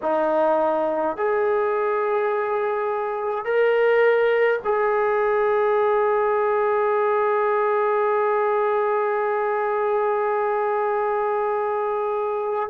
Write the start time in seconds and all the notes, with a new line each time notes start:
0.02 D#4
1.16 G#4
3.44 A#4
4.64 G#4